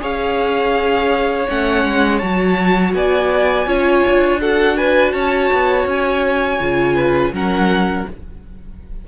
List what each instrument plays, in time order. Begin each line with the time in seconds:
0.00 cello C#4, viola G#4, violin C#5 F5
1.48 cello A3, viola C#4, violin F#5
1.85 cello G#3
2.18 cello F#3, viola F#4, violin A5
2.94 cello B3, violin D5 G#5
3.67 cello C#4, viola F4, violin C#5
4.07 cello D4
4.41 viola F#4, violin A4 F#5
4.77 violin B4 G#5
5.12 cello C#4, violin C#5 A5
5.53 cello B3
5.86 cello C#4, violin G#5
6.60 cello C#3, viola F4
6.95 violin B4
7.32 cello F#3, viola C#4, violin A#4 F#5